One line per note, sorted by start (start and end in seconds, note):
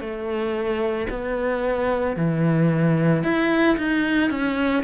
0.00 1.07 A3
1.09 2.16 B3
2.16 3.23 E3
3.23 3.77 E4
3.77 4.31 D#4
4.31 4.83 C#4